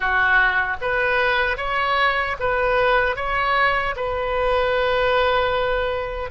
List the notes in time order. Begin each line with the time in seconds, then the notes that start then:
0.00 F#4
0.81 B4
1.57 C#5
2.39 B4
3.16 C#5
3.95 B4